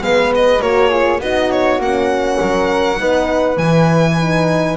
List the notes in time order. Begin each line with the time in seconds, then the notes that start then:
0.00 G#3 B3 B4 F5
0.34 D#5
0.61 A#3 F#4 A#4 C#5
0.88 F4 G#4
1.20 B3 D#4 F#4 D#5
1.51 C#5
1.79 A#3 C#4 F#5
2.39 F#3 A#4
2.97 B3 D#4 B4
3.57 E3 E4 G#5
4.19 D#4